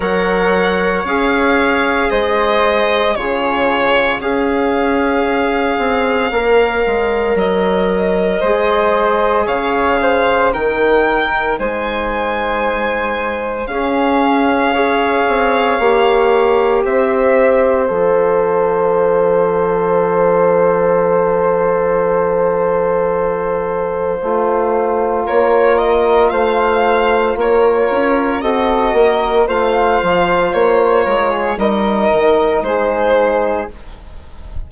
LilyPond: <<
  \new Staff \with { instrumentName = "violin" } { \time 4/4 \tempo 4 = 57 fis''4 f''4 dis''4 cis''4 | f''2. dis''4~ | dis''4 f''4 g''4 gis''4~ | gis''4 f''2. |
e''4 f''2.~ | f''1 | cis''8 dis''8 f''4 cis''4 dis''4 | f''4 cis''4 dis''4 c''4 | }
  \new Staff \with { instrumentName = "flute" } { \time 4/4 cis''2 c''4 gis'4 | cis''1 | c''4 cis''8 c''8 ais'4 c''4~ | c''4 gis'4 cis''2 |
c''1~ | c''1 | ais'4 c''4 ais'4 a'8 ais'8 | c''4. ais'16 gis'16 ais'4 gis'4 | }
  \new Staff \with { instrumentName = "trombone" } { \time 4/4 ais'4 gis'2 f'4 | gis'2 ais'2 | gis'2 dis'2~ | dis'4 cis'4 gis'4 g'4~ |
g'4 a'2.~ | a'2. f'4~ | f'2. fis'4 | f'2 dis'2 | }
  \new Staff \with { instrumentName = "bassoon" } { \time 4/4 fis4 cis'4 gis4 cis4 | cis'4. c'8 ais8 gis8 fis4 | gis4 cis4 dis4 gis4~ | gis4 cis'4. c'8 ais4 |
c'4 f2.~ | f2. a4 | ais4 a4 ais8 cis'8 c'8 ais8 | a8 f8 ais8 gis8 g8 dis8 gis4 | }
>>